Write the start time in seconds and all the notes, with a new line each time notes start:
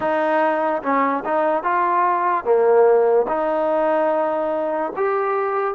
0.00 D#4
0.82 C#4
1.24 D#4
1.63 F4
2.44 A#3
3.28 D#4
4.96 G4